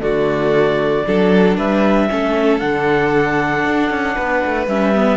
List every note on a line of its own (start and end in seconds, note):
0.00 1.03 D3
0.00 1.04 A3
0.00 1.06 F#4
0.00 1.56 D5
1.06 1.57 F#3
1.06 2.09 D4
1.06 1.57 A4
1.57 2.09 G3
1.57 2.09 B4
1.57 2.59 E5
2.09 2.61 A3
2.09 2.60 C#4
2.09 4.15 A4
2.59 3.65 D3
2.59 4.67 D4
2.59 4.66 F#5
3.65 3.90 D4
3.90 4.16 C#4
4.15 4.44 B3
4.15 5.17 B4
4.45 4.67 A3
4.67 5.17 G3
4.67 4.95 C#4
4.67 5.17 E5
4.95 5.17 B3